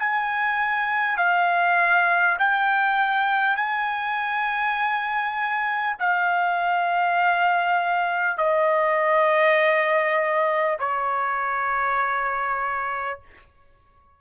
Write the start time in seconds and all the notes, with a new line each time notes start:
0.00 G#5
1.18 F5
2.39 G5
3.57 G#5
6.00 F5
8.38 D#5
10.80 C#5